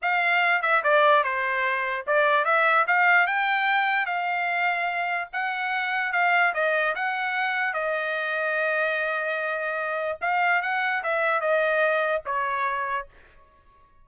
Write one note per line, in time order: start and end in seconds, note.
0.02 0.62 F5
0.62 0.82 E5
0.83 1.23 D5
1.23 2.05 C5
2.06 2.44 D5
2.44 2.85 E5
2.87 3.26 F5
3.26 4.06 G5
4.06 5.28 F5
5.32 6.12 F#5
6.12 6.53 F5
6.53 6.94 D#5
6.95 7.73 F#5
7.73 10.18 D#5
10.21 10.62 F5
10.62 11.02 F#5
11.03 11.40 E5
11.40 12.22 D#5
12.25 13.07 C#5